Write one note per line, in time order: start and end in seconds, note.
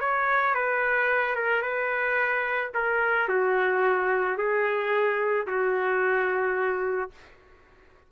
0.00 0.54 C#5
0.54 1.36 B4
1.36 1.62 A#4
1.62 2.71 B4
2.74 3.29 A#4
3.29 4.38 F#4
4.38 5.47 G#4
5.47 7.11 F#4